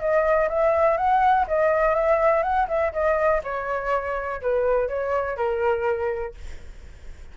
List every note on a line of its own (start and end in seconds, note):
0.00 0.49 D#5
0.49 0.98 E5
0.98 1.46 F#5
1.48 1.95 D#5
1.95 2.43 E5
2.43 2.67 F#5
2.68 2.92 E5
2.93 3.42 D#5
3.44 4.41 C#5
4.42 4.88 B4
4.88 5.37 C#5
5.37 6.34 A#4